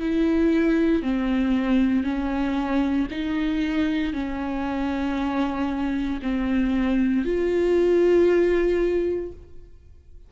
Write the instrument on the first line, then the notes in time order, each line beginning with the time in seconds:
viola
0.00 E4
1.03 C4
2.04 C#4
3.11 D#4
4.14 C#4
6.23 C4
7.25 F4